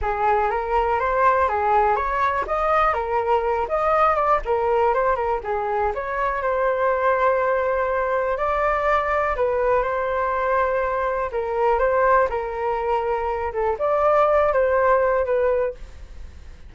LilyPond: \new Staff \with { instrumentName = "flute" } { \time 4/4 \tempo 4 = 122 gis'4 ais'4 c''4 gis'4 | cis''4 dis''4 ais'4. dis''8~ | dis''8 d''8 ais'4 c''8 ais'8 gis'4 | cis''4 c''2.~ |
c''4 d''2 b'4 | c''2. ais'4 | c''4 ais'2~ ais'8 a'8 | d''4. c''4. b'4 | }